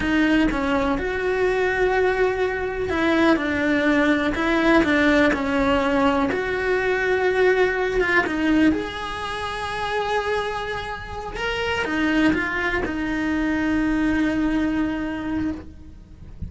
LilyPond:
\new Staff \with { instrumentName = "cello" } { \time 4/4 \tempo 4 = 124 dis'4 cis'4 fis'2~ | fis'2 e'4 d'4~ | d'4 e'4 d'4 cis'4~ | cis'4 fis'2.~ |
fis'8 f'8 dis'4 gis'2~ | gis'2.~ gis'8 ais'8~ | ais'8 dis'4 f'4 dis'4.~ | dis'1 | }